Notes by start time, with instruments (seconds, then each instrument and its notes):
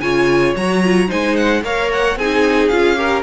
0.00 cello C#3, viola F4, violin C#5 G#5
0.56 cello F#3, viola F#4, violin A#5
0.84 viola F4
1.08 cello G#3, viola D#4, violin C5 G#5
1.36 violin F#5
1.64 cello A#3, viola A#4, violin C#5 F5
1.92 violin F#5
2.16 cello C4, viola D#4, violin G#4 G#5
2.68 cello C#4, viola F4, violin F5
2.96 viola G4, violin A#4